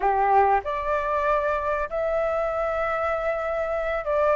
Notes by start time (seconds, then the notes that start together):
0.00 G4
0.64 D5
1.89 E5
4.05 D5